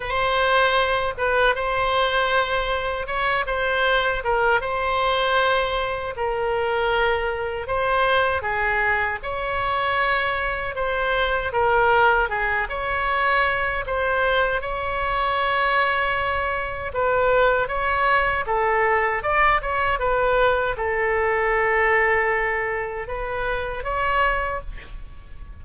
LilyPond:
\new Staff \with { instrumentName = "oboe" } { \time 4/4 \tempo 4 = 78 c''4. b'8 c''2 | cis''8 c''4 ais'8 c''2 | ais'2 c''4 gis'4 | cis''2 c''4 ais'4 |
gis'8 cis''4. c''4 cis''4~ | cis''2 b'4 cis''4 | a'4 d''8 cis''8 b'4 a'4~ | a'2 b'4 cis''4 | }